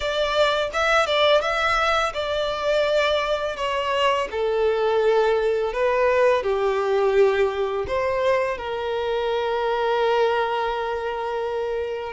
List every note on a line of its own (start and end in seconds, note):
0.00 0.70 D5
0.73 1.06 E5
1.06 1.41 D5
1.41 2.12 E5
2.13 3.56 D5
3.56 4.28 C#5
4.31 5.73 A4
5.73 6.42 B4
6.42 7.85 G4
7.87 8.57 C5
8.57 12.12 A#4